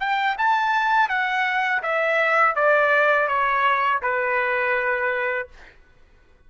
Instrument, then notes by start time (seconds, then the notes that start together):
trumpet
0.00 G5
0.38 A5
1.09 F#5
1.83 E5
2.56 D5
3.28 C#5
4.03 B4